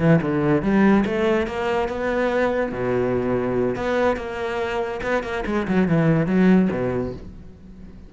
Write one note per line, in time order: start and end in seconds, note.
0.00 0.21 E3
0.22 0.63 D3
0.63 1.05 G3
1.06 1.47 A3
1.47 1.89 A#3
1.89 2.73 B3
2.73 3.76 B2
3.76 4.17 B3
4.17 5.01 A#3
5.03 5.24 B3
5.24 5.45 A#3
5.47 5.68 G#3
5.68 5.89 F#3
5.89 6.27 E3
6.27 6.69 F#3
6.72 7.13 B2